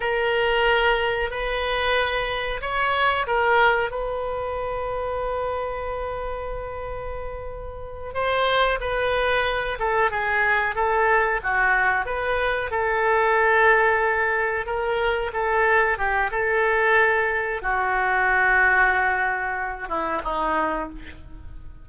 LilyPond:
\new Staff \with { instrumentName = "oboe" } { \time 4/4 \tempo 4 = 92 ais'2 b'2 | cis''4 ais'4 b'2~ | b'1~ | b'8 c''4 b'4. a'8 gis'8~ |
gis'8 a'4 fis'4 b'4 a'8~ | a'2~ a'8 ais'4 a'8~ | a'8 g'8 a'2 fis'4~ | fis'2~ fis'8 e'8 dis'4 | }